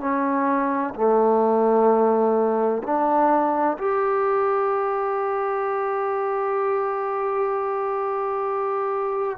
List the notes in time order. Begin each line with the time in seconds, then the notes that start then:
0.00 C#4
0.95 A3
2.83 D4
3.78 G4